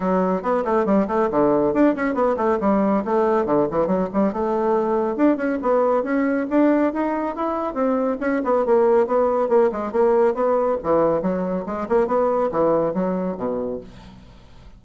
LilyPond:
\new Staff \with { instrumentName = "bassoon" } { \time 4/4 \tempo 4 = 139 fis4 b8 a8 g8 a8 d4 | d'8 cis'8 b8 a8 g4 a4 | d8 e8 fis8 g8 a2 | d'8 cis'8 b4 cis'4 d'4 |
dis'4 e'4 c'4 cis'8 b8 | ais4 b4 ais8 gis8 ais4 | b4 e4 fis4 gis8 ais8 | b4 e4 fis4 b,4 | }